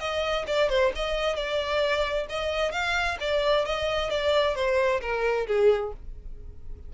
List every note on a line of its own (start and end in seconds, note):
0.00 0.45 D#5
0.47 0.70 D5
0.70 0.92 C5
0.96 1.36 D#5
1.36 2.27 D5
2.30 2.72 D#5
2.72 3.17 F5
3.20 3.66 D5
3.66 4.10 D#5
4.10 4.55 D5
4.55 5.01 C5
5.01 5.47 A#4
5.47 5.93 G#4